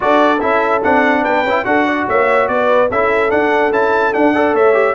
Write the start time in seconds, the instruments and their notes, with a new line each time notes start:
0.00 tuba D4, trombone F#4, horn A4, trumpet D5
0.40 tuba C#4, trombone E4, trumpet E5
0.83 tuba C4, trombone D4, trumpet F#5
1.21 tuba B3, horn B4, trumpet G5
1.44 tuba C#4, trombone E4
1.64 tuba D4, trombone F#4, horn A4, trumpet F#5
1.86 horn D5
2.08 tuba A#3, horn C#5, trumpet E5
2.47 tuba B3, horn B4, trumpet D5
2.90 tuba C#4, trombone E4, horn A4, trumpet E5
3.29 trombone D4, tuba D4, trumpet F#5
3.71 tuba C#4, trombone E4, trumpet A5
4.13 trombone D4, tuba D4, trumpet F#5
4.34 trombone A4, horn D5
4.53 tuba A3, horn C#5, trumpet E5
4.73 trombone G4